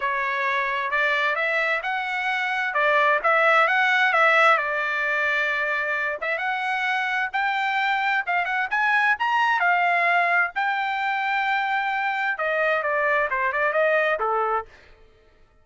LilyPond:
\new Staff \with { instrumentName = "trumpet" } { \time 4/4 \tempo 4 = 131 cis''2 d''4 e''4 | fis''2 d''4 e''4 | fis''4 e''4 d''2~ | d''4. e''8 fis''2 |
g''2 f''8 fis''8 gis''4 | ais''4 f''2 g''4~ | g''2. dis''4 | d''4 c''8 d''8 dis''4 a'4 | }